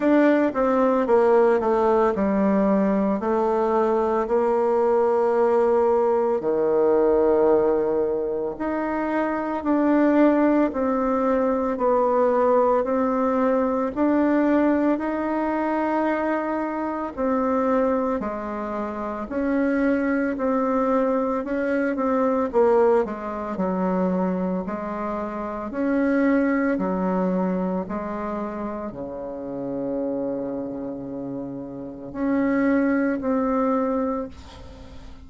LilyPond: \new Staff \with { instrumentName = "bassoon" } { \time 4/4 \tempo 4 = 56 d'8 c'8 ais8 a8 g4 a4 | ais2 dis2 | dis'4 d'4 c'4 b4 | c'4 d'4 dis'2 |
c'4 gis4 cis'4 c'4 | cis'8 c'8 ais8 gis8 fis4 gis4 | cis'4 fis4 gis4 cis4~ | cis2 cis'4 c'4 | }